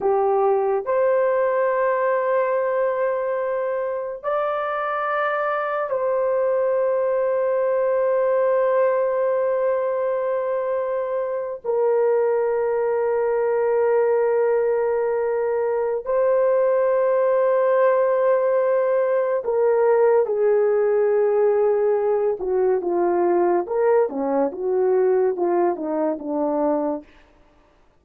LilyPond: \new Staff \with { instrumentName = "horn" } { \time 4/4 \tempo 4 = 71 g'4 c''2.~ | c''4 d''2 c''4~ | c''1~ | c''4.~ c''16 ais'2~ ais'16~ |
ais'2. c''4~ | c''2. ais'4 | gis'2~ gis'8 fis'8 f'4 | ais'8 cis'8 fis'4 f'8 dis'8 d'4 | }